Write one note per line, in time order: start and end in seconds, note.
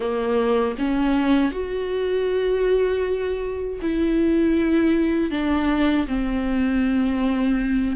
0.00 0.76 A#3
0.78 1.51 C#4
1.51 3.79 F#4
3.81 5.30 E4
5.30 6.06 D4
6.07 7.96 C4